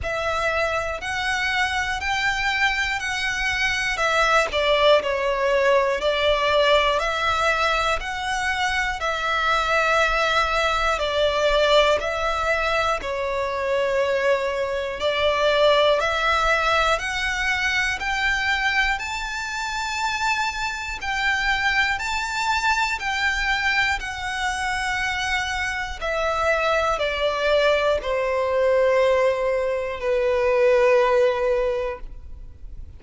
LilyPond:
\new Staff \with { instrumentName = "violin" } { \time 4/4 \tempo 4 = 60 e''4 fis''4 g''4 fis''4 | e''8 d''8 cis''4 d''4 e''4 | fis''4 e''2 d''4 | e''4 cis''2 d''4 |
e''4 fis''4 g''4 a''4~ | a''4 g''4 a''4 g''4 | fis''2 e''4 d''4 | c''2 b'2 | }